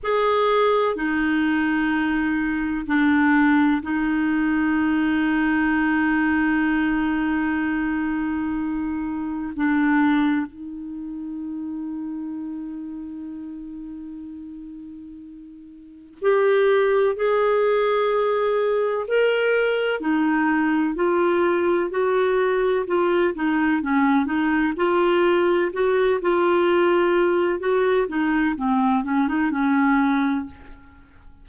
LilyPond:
\new Staff \with { instrumentName = "clarinet" } { \time 4/4 \tempo 4 = 63 gis'4 dis'2 d'4 | dis'1~ | dis'2 d'4 dis'4~ | dis'1~ |
dis'4 g'4 gis'2 | ais'4 dis'4 f'4 fis'4 | f'8 dis'8 cis'8 dis'8 f'4 fis'8 f'8~ | f'4 fis'8 dis'8 c'8 cis'16 dis'16 cis'4 | }